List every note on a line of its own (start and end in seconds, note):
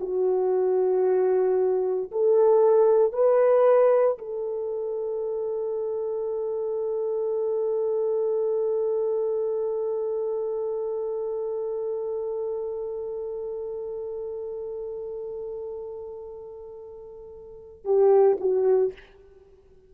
0.00 2.11 F#4
2.11 3.12 A4
3.12 4.18 B4
4.18 17.84 A4
17.84 18.37 G4
18.40 18.92 F#4